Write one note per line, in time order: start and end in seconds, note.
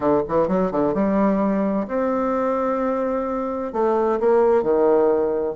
0.00 0.21 D3
0.28 0.48 E3
0.48 0.71 F#3
0.71 0.94 D3
0.94 1.87 G3
1.87 3.73 C4
3.73 4.19 A3
4.19 4.63 A#3
4.63 5.55 D#3